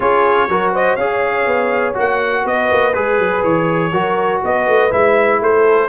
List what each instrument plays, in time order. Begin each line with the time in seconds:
0.00 tuba C#4, trombone F4, horn G#4, trumpet C#5
0.48 tuba F#3, trombone F#4, horn A#4
0.72 horn C5, trumpet D#5
0.96 tuba C#4, trombone G#4, horn C#5, trumpet F5
1.46 tuba B3
1.94 tuba A#3, trombone F#4, trumpet F#5
2.44 tuba B3, horn B4, trumpet D#5
2.71 tuba A#3
2.93 tuba G#3, trombone G#4, trumpet B4
3.18 tuba F#3
3.43 tuba E3, trumpet C#5
3.92 tuba F#3, trombone F#4, horn A#4
4.42 tuba B3, horn B4, trumpet D#5
4.67 tuba A3
4.90 tuba G#3, trombone E4, trumpet E5
5.41 tuba A3, horn A4, trumpet C5